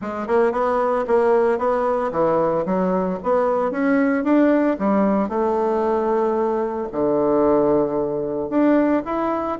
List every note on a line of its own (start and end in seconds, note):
0.01 0.27 G#3
0.27 0.52 A#3
0.52 1.05 B3
1.07 1.58 A#3
1.58 2.11 B3
2.11 2.65 E3
2.65 3.18 F#3
3.23 3.71 B3
3.71 4.23 C#4
4.23 4.76 D4
4.78 5.28 G3
5.28 6.88 A3
6.91 8.49 D3
8.49 9.02 D4
9.05 9.58 E4